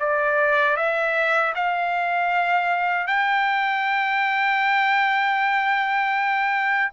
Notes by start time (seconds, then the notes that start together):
0.00 D5
0.77 E5
1.55 F5
3.07 G5